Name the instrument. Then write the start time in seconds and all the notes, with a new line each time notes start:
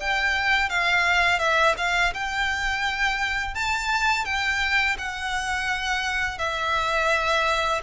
violin
0.00 G5
0.69 F5
1.39 E5
1.77 F5
2.14 G5
3.55 A5
4.25 G5
4.98 F#5
6.38 E5